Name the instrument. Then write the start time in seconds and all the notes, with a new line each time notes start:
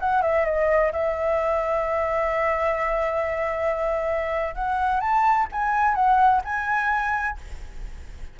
flute
0.00 F#5
0.22 E5
0.45 D#5
0.92 E5
4.55 F#5
5.00 A5
5.52 G#5
5.95 F#5
6.44 G#5